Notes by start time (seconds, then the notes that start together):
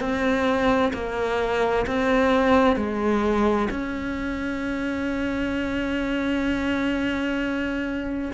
0.00 C4
0.94 A#3
1.87 C4
2.77 G#3
3.70 C#4